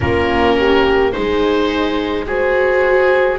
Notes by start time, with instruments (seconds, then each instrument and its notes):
0.00 double bass A#3, viola C#4, horn F4, oboe A#4
0.57 horn G4
1.12 double bass G#3, viola D#4, horn G#4, oboe C5
2.26 viola F#4, oboe G#4, horn C5